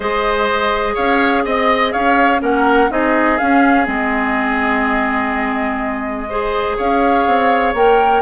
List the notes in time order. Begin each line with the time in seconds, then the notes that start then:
0.00 G#3 G#4 C5 D#5
0.94 C#4 C#5 F5
1.45 C4 D#5
1.92 C#4 C#5 F5
2.40 A#3 C#4 A#4 F#5
2.89 C4 D#4 G#4 D#5
3.38 C#4 F5
3.84 G#3 C4 D#5
6.29 G#4 C5
6.76 C#4 C#5 F5
7.26 C4
7.73 A#3 A#4 G5